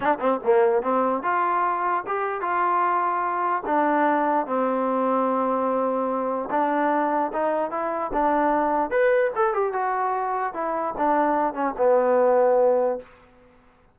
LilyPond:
\new Staff \with { instrumentName = "trombone" } { \time 4/4 \tempo 4 = 148 d'8 c'8 ais4 c'4 f'4~ | f'4 g'4 f'2~ | f'4 d'2 c'4~ | c'1 |
d'2 dis'4 e'4 | d'2 b'4 a'8 g'8 | fis'2 e'4 d'4~ | d'8 cis'8 b2. | }